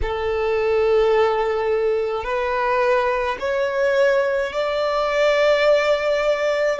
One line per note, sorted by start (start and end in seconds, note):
0.02 2.24 A4
2.24 3.37 B4
3.40 4.53 C#5
4.53 6.79 D5